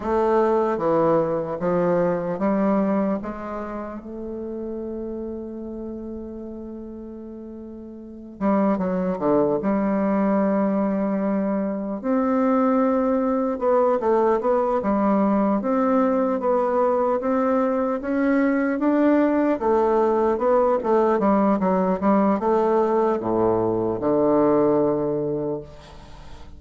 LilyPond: \new Staff \with { instrumentName = "bassoon" } { \time 4/4 \tempo 4 = 75 a4 e4 f4 g4 | gis4 a2.~ | a2~ a8 g8 fis8 d8 | g2. c'4~ |
c'4 b8 a8 b8 g4 c'8~ | c'8 b4 c'4 cis'4 d'8~ | d'8 a4 b8 a8 g8 fis8 g8 | a4 a,4 d2 | }